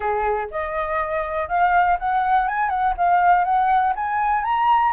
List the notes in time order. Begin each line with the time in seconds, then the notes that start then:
0.00 G#4
0.50 D#5
1.48 F5
1.99 F#5
2.48 G#5
2.69 F#5
2.97 F5
3.44 F#5
3.95 G#5
4.44 A#5